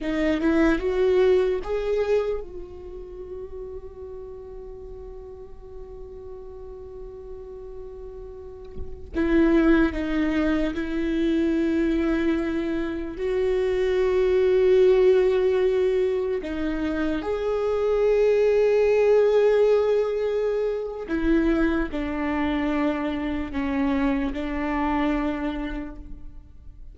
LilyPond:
\new Staff \with { instrumentName = "viola" } { \time 4/4 \tempo 4 = 74 dis'8 e'8 fis'4 gis'4 fis'4~ | fis'1~ | fis'2.~ fis'16 e'8.~ | e'16 dis'4 e'2~ e'8.~ |
e'16 fis'2.~ fis'8.~ | fis'16 dis'4 gis'2~ gis'8.~ | gis'2 e'4 d'4~ | d'4 cis'4 d'2 | }